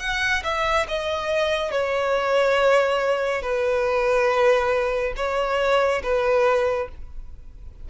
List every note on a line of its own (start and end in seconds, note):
0.00 0.43 F#5
0.44 0.87 E5
0.88 1.72 D#5
1.72 3.42 C#5
3.42 5.14 B4
5.17 6.02 C#5
6.03 6.89 B4